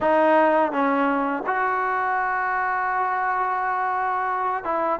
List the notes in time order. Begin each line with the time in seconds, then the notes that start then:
0.00 D#4
0.71 C#4
1.46 F#4
4.64 E4